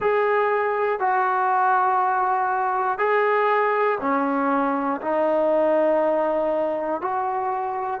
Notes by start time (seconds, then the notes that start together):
0.00 G#4
0.99 F#4
2.98 G#4
4.00 C#4
5.01 D#4
7.00 F#4